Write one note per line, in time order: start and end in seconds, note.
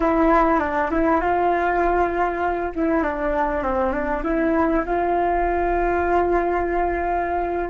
0.00 0.59 E4
0.59 0.90 D4
0.91 1.20 E4
1.20 2.72 F4
2.75 3.03 E4
3.03 3.63 D4
3.63 3.91 C4
3.91 4.22 D4
4.23 4.84 E4
4.85 7.69 F4